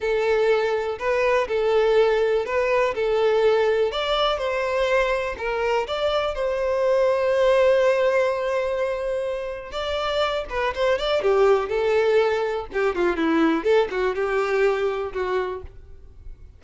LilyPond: \new Staff \with { instrumentName = "violin" } { \time 4/4 \tempo 4 = 123 a'2 b'4 a'4~ | a'4 b'4 a'2 | d''4 c''2 ais'4 | d''4 c''2.~ |
c''1 | d''4. b'8 c''8 d''8 g'4 | a'2 g'8 f'8 e'4 | a'8 fis'8 g'2 fis'4 | }